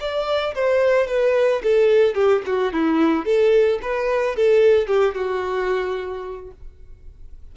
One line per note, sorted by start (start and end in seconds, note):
0.00 0.55 D5
0.55 1.07 C5
1.07 1.62 B4
1.63 2.15 A4
2.15 2.42 G4
2.46 2.73 F#4
2.73 3.25 E4
3.25 3.80 A4
3.82 4.36 B4
4.36 4.87 A4
4.87 5.15 G4
5.15 6.51 F#4